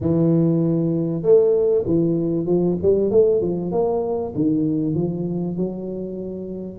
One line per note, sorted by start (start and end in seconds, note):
0.00 1.22 E3
1.22 1.84 A3
1.86 2.45 E3
2.45 2.76 F3
2.81 3.10 G3
3.10 3.41 A3
3.41 3.71 F3
3.71 4.33 A#3
4.35 4.95 D#3
4.95 5.56 F3
5.57 6.78 F#3